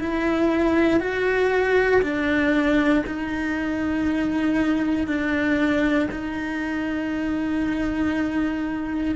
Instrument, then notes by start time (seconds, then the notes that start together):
cello
0.00 E4
1.00 F#4
2.02 D4
3.06 D#4
5.08 D4
6.12 D#4